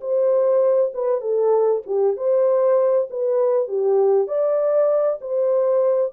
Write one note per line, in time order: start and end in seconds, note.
0.00 0.92 C5
0.93 1.21 B4
1.21 1.82 A4
1.86 2.16 G4
2.16 3.08 C5
3.10 3.67 B4
3.67 4.27 G4
4.27 5.19 D5
5.20 6.12 C5